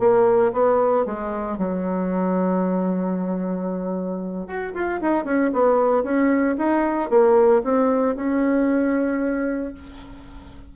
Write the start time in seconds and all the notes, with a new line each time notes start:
0.00 A#3
0.53 B3
1.06 G#3
1.58 F#3
4.47 F#4
4.74 F4
5.01 D#4
5.25 C#4
5.53 B3
6.04 C#4
6.58 D#4
7.10 A#3
7.64 C4
8.16 C#4